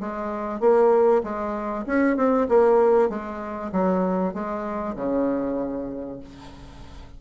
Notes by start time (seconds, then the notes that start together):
0.00 G#3
0.60 A#3
1.23 G#3
1.86 C#4
2.16 C4
2.48 A#3
3.09 G#3
3.72 F#3
4.34 G#3
4.96 C#3